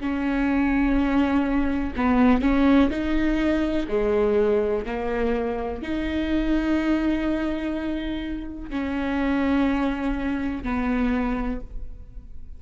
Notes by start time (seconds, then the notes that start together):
0.00 C#4
1.97 B3
2.42 C#4
2.91 D#4
3.88 G#3
4.86 A#3
5.83 D#4
8.70 C#4
10.64 B3